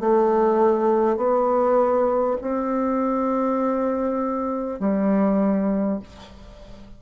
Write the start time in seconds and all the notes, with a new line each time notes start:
0.00 A3
1.16 B3
2.41 C4
4.79 G3